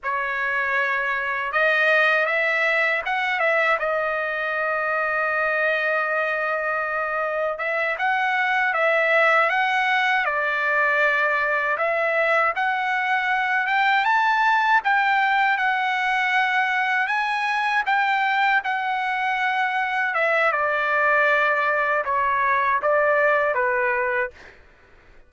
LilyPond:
\new Staff \with { instrumentName = "trumpet" } { \time 4/4 \tempo 4 = 79 cis''2 dis''4 e''4 | fis''8 e''8 dis''2.~ | dis''2 e''8 fis''4 e''8~ | e''8 fis''4 d''2 e''8~ |
e''8 fis''4. g''8 a''4 g''8~ | g''8 fis''2 gis''4 g''8~ | g''8 fis''2 e''8 d''4~ | d''4 cis''4 d''4 b'4 | }